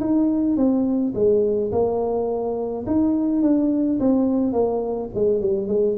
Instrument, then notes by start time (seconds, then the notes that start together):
tuba
0.00 D#4
0.57 C4
1.14 G#3
1.72 A#3
2.86 D#4
3.42 D4
4.00 C4
4.52 A#3
5.14 G#3
5.41 G3
5.68 G#3